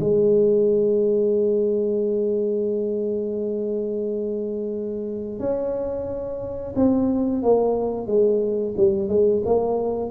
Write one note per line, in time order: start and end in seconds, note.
0.00 5.39 G#3
5.40 6.74 C#4
6.76 7.43 C4
7.43 8.07 A#3
8.07 8.74 G#3
8.77 9.09 G3
9.09 9.43 G#3
9.46 10.11 A#3